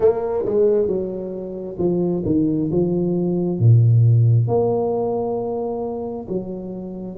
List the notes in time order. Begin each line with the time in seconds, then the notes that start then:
0.00 A#3
0.45 G#3
0.87 F#3
1.78 F3
2.25 D#3
2.71 F3
3.59 A#2
4.47 A#3
6.28 F#3